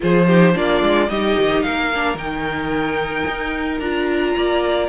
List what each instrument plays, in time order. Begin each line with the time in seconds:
0.00 cello F3, viola F4, violin G#4 C5
0.26 viola D#4, violin G4
0.53 cello A#3, viola D4, violin F4 D5
0.81 cello G#3
1.09 cello G3, viola D#4, violin G4 D#5
1.38 cello D#3
1.62 cello A#3, violin A#4 F5
1.94 viola D4
2.14 cello D#3, viola D#4, violin G5
3.27 cello D#4
3.79 cello D4, viola F4, violin A#5
4.36 cello A#3, violin D5